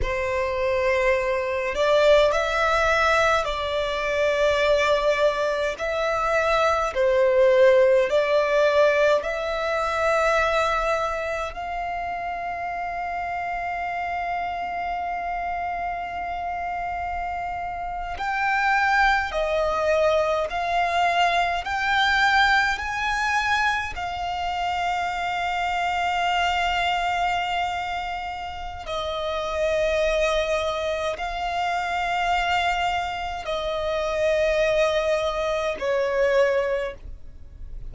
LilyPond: \new Staff \with { instrumentName = "violin" } { \time 4/4 \tempo 4 = 52 c''4. d''8 e''4 d''4~ | d''4 e''4 c''4 d''4 | e''2 f''2~ | f''2.~ f''8. g''16~ |
g''8. dis''4 f''4 g''4 gis''16~ | gis''8. f''2.~ f''16~ | f''4 dis''2 f''4~ | f''4 dis''2 cis''4 | }